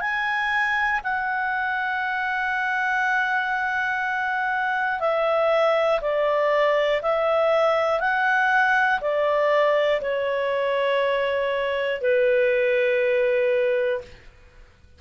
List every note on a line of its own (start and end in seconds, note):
0.00 1.00 G#5
1.03 5.00 F#5
5.00 6.00 E5
6.00 7.00 D5
7.01 8.00 E5
8.00 9.00 F#5
9.00 10.00 D5
10.01 12.00 C#5
12.00 14.00 B4